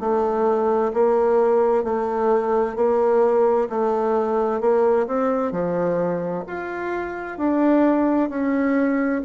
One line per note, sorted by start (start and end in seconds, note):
0.00 0.92 A3
0.94 1.84 A#3
1.84 2.76 A3
2.76 3.68 A#3
3.70 4.61 A3
4.61 5.07 A#3
5.07 5.52 C4
5.52 6.44 F3
6.47 7.38 F4
7.38 8.30 D4
8.30 9.22 C#4